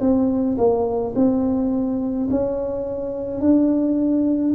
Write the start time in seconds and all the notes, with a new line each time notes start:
0.00 C4
0.58 A#3
1.15 C4
2.31 C#4
3.40 D4